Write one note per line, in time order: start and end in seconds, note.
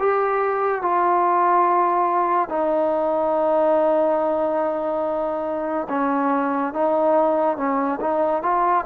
0.00 0.83 G4
0.83 2.50 F4
2.50 5.88 D#4
5.90 6.74 C#4
6.74 7.57 D#4
7.57 8.00 C#4
8.01 8.43 D#4
8.43 8.85 F4